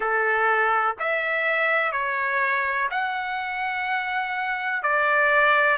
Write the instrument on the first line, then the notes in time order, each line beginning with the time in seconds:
trumpet
0.00 A4
0.99 E5
1.92 C#5
2.90 F#5
4.82 D5